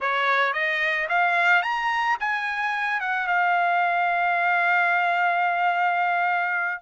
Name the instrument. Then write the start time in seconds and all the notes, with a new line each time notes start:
trumpet
0.00 C#5
0.53 D#5
1.08 F5
1.62 A#5
2.20 G#5
3.00 F#5
3.27 F5